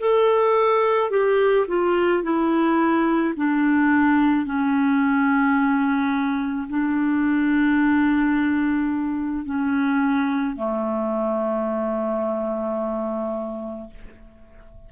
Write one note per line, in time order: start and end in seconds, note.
0.00 1.11 A4
1.11 1.67 G4
1.68 2.24 F4
2.24 3.35 E4
3.37 4.46 D4
4.46 6.68 C#4
6.70 9.46 D4
9.46 10.57 C#4
10.57 13.90 A3